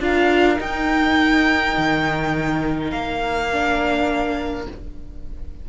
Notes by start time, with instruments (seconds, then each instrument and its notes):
0.00 cello D4, viola F4, violin A#4 F5
0.57 viola D#4, cello D#4, violin G5
1.77 cello D#3
2.91 cello A#3, violin F5
3.52 viola D4